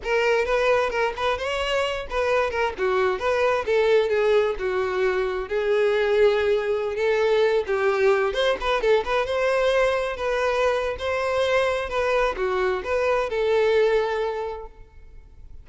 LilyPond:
\new Staff \with { instrumentName = "violin" } { \time 4/4 \tempo 4 = 131 ais'4 b'4 ais'8 b'8 cis''4~ | cis''8 b'4 ais'8 fis'4 b'4 | a'4 gis'4 fis'2 | gis'2.~ gis'16 a'8.~ |
a'8. g'4. c''8 b'8 a'8 b'16~ | b'16 c''2 b'4.~ b'16 | c''2 b'4 fis'4 | b'4 a'2. | }